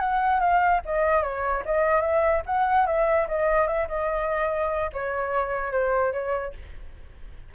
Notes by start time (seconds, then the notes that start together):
0.00 F#5
0.40 F5
0.86 D#5
1.23 C#5
1.66 D#5
2.01 E5
2.46 F#5
2.87 E5
3.28 D#5
3.68 E5
3.89 D#5
4.93 C#5
5.72 C5
6.13 C#5